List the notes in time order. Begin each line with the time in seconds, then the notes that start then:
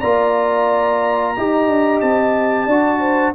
0.00 A#3 F4 D5 A#5
1.36 D#4 G4 D#5
1.67 D4
2.00 C4 A5
2.66 D4 F#4 D5
3.00 C5